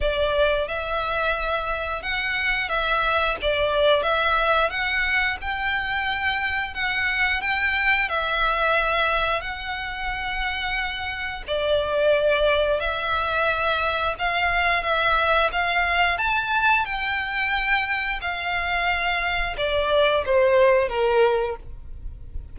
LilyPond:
\new Staff \with { instrumentName = "violin" } { \time 4/4 \tempo 4 = 89 d''4 e''2 fis''4 | e''4 d''4 e''4 fis''4 | g''2 fis''4 g''4 | e''2 fis''2~ |
fis''4 d''2 e''4~ | e''4 f''4 e''4 f''4 | a''4 g''2 f''4~ | f''4 d''4 c''4 ais'4 | }